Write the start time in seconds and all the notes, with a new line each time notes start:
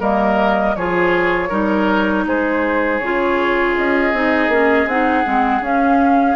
0.00 G3 A#3 A#4 D#5
0.76 F3 F4 G#4 C#5
1.49 G3 D#4 A#4
2.26 G#3 G#4 C5
2.99 C#3 F4 C#5
3.77 C#4 D#5
4.13 C4 D#4
4.48 A#3 C#4
4.86 C4 D#4 F#5
5.24 G#3 C4
5.61 C#4 F5